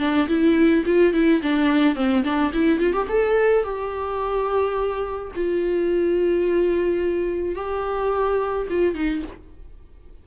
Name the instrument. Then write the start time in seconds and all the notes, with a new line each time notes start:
viola
0.00 D4
0.28 E4
0.86 F4
1.14 E4
1.43 D4
1.96 C4
2.24 D4
2.54 E4
2.80 F4
2.94 G4
3.09 A4
3.64 G4
5.36 F4
7.56 G4
8.70 F4
8.95 D#4